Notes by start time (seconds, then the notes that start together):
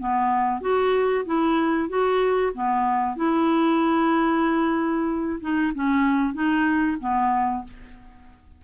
0.00 B3
0.62 F#4
1.26 E4
1.89 F#4
2.54 B3
3.17 E4
5.41 D#4
5.75 C#4
6.34 D#4
7.01 B3